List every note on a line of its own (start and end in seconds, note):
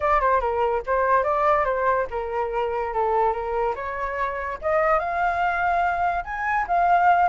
0.00 0.20 D5
0.20 0.40 C5
0.40 0.81 A#4
0.86 1.23 C5
1.23 1.65 D5
1.65 2.06 C5
2.10 2.93 A#4
2.93 3.32 A4
3.32 3.74 A#4
3.75 4.58 C#5
4.61 4.99 D#5
4.99 6.24 F5
6.24 6.66 G#5
6.67 7.29 F5